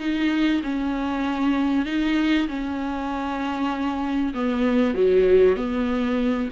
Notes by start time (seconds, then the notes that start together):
0.00 D#4
0.63 C#4
1.86 D#4
2.48 C#4
4.34 B3
4.95 F#3
5.57 B3